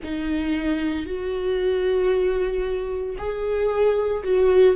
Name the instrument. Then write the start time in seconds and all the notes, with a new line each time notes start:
viola
0.02 D#4
1.05 F#4
3.18 G#4
4.23 F#4